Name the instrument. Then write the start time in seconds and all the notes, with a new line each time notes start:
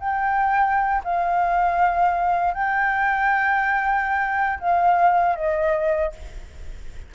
flute
0.00 G5
1.04 F5
2.54 G5
4.60 F5
5.36 D#5